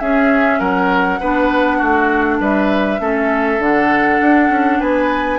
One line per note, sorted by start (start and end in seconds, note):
0.00 0.60 C#4
0.00 1.21 C#4
0.00 0.59 G#4
0.00 0.60 E5
0.59 1.20 F#3
0.59 1.19 A#4
0.59 2.40 F#5
1.21 1.81 B3
1.21 2.99 D4
1.21 1.78 B4
1.78 2.40 A3
1.78 2.38 F#4
2.40 3.00 G3
2.40 3.01 B4
2.40 3.63 E5
2.99 3.59 A3
2.99 3.59 C#4
2.99 4.80 A4
3.59 4.19 D3
3.59 5.39 D4
3.59 4.81 F#5
4.21 4.50 D4
4.50 4.79 C#4
4.80 5.39 B3
4.80 5.39 B4
4.80 5.39 G#5